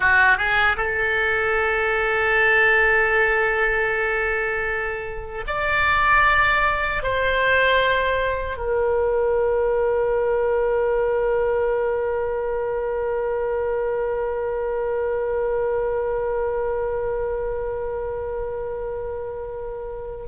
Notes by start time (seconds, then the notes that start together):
0.00 F#4
0.37 G#4
0.76 A4
5.47 D5
7.02 C5
8.57 A#4